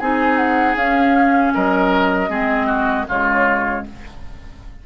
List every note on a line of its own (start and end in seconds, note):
0.00 0.76 C4
0.00 0.78 D#4
0.00 1.54 G#4
0.00 0.37 G#5
0.37 0.75 F#5
0.76 1.53 C#4
0.76 2.29 C#4
0.76 1.54 F5
1.54 2.29 F#3
1.54 2.30 A#4
1.54 3.08 D#5
2.29 3.06 G#3
2.29 3.06 C4
2.29 2.67 G#4
2.67 3.06 F#4
3.09 3.86 C#3
3.09 3.87 G#3
3.09 3.86 F4
3.09 3.86 C#5